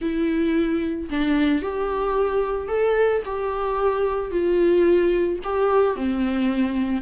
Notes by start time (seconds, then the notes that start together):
0.01 E4
1.10 D4
1.61 G4
2.68 A4
3.25 G4
4.31 F4
5.43 G4
5.96 C4